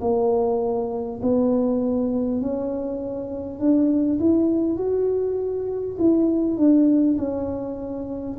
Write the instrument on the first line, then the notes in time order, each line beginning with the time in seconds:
tuba
0.00 A#3
1.22 B3
2.41 C#4
3.59 D4
4.19 E4
4.77 F#4
5.98 E4
6.57 D4
7.18 C#4